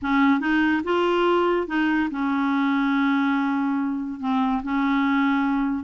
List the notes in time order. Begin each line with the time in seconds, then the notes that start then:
0.02 C#4
0.40 D#4
0.84 F4
1.67 D#4
2.10 C#4
4.20 C4
4.63 C#4